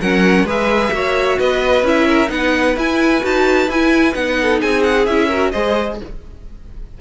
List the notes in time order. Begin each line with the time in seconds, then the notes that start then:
0.00 F#3 C#4 A#4 F#5
0.43 G#3 G#4 B4 E5
0.91 A#3 F#4 C#5
1.38 B3 B4 D#5
1.82 C#4 E4 E5
2.07 A#4
2.27 B3 D#4 B4 F#5
2.76 E4 G#5
3.22 D#4 F#4 A5
3.67 E4 G#5
4.13 B3 D#4 F#5
4.42 A4
4.61 C4 G#4 G#5
4.83 F#5
5.06 C#4 E4 E5
5.28 F#4 A#4
5.51 G#3 G#4 C5 D#5